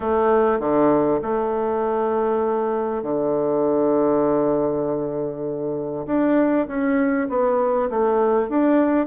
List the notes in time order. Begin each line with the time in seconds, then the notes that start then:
0.00 A3
0.59 D3
1.22 A3
3.02 D3
6.06 D4
6.67 C#4
7.29 B3
7.90 A3
8.49 D4